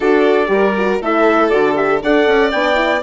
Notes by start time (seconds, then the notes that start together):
0.00 D4 F#4 A4 D5
0.47 G3 G4 A#4
0.78 F#4
1.01 A3 E4 A4 E5
1.49 D3 F#4 D5
1.75 G4 E5
2.02 D4 A4 D5 F#5
2.26 C#4
2.51 B3 D4 G5
2.74 E4